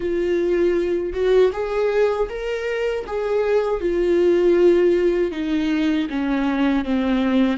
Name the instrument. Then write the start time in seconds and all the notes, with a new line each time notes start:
viola
0.00 F4
1.13 F#4
1.52 G#4
2.29 A#4
3.07 G#4
3.80 F4
5.31 D#4
6.09 C#4
6.85 C4